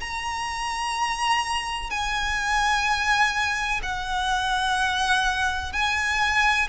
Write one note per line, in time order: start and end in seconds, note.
0.00 1.90 A#5
1.90 3.81 G#5
3.83 5.72 F#5
5.72 6.68 G#5